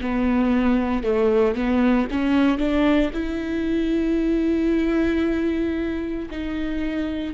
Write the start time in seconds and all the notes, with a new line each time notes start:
0.00 B3
1.03 A3
1.55 B3
2.11 C#4
2.58 D4
3.13 E4
6.30 D#4